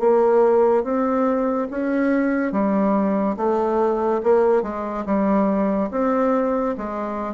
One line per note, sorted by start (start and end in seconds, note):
0.00 0.84 A#3
0.84 1.69 C4
1.71 2.52 C#4
2.52 3.37 G3
3.37 4.22 A3
4.24 4.63 A#3
4.63 5.05 G#3
5.06 5.90 G3
5.91 6.76 C4
6.78 7.35 G#3